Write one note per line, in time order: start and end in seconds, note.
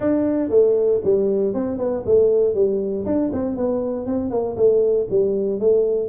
0.00 0.49 D4
0.49 1.00 A3
1.04 1.53 G3
1.53 1.78 C4
1.78 2.03 B3
2.05 2.54 A3
2.54 3.05 G3
3.05 3.31 D4
3.32 3.56 C4
3.56 4.05 B3
4.05 4.30 C4
4.30 4.55 A#3
4.56 5.07 A3
5.09 5.59 G3
5.59 6.09 A3